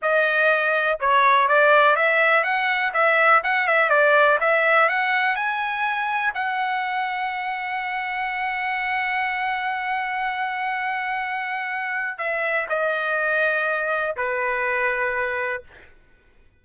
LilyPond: \new Staff \with { instrumentName = "trumpet" } { \time 4/4 \tempo 4 = 123 dis''2 cis''4 d''4 | e''4 fis''4 e''4 fis''8 e''8 | d''4 e''4 fis''4 gis''4~ | gis''4 fis''2.~ |
fis''1~ | fis''1~ | fis''4 e''4 dis''2~ | dis''4 b'2. | }